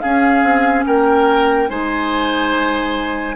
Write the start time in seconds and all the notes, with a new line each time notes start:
0.00 C#4 G#4 F5
0.43 C4
0.86 A#3 A#4 G5
1.69 G#3 D#4 C5 G#5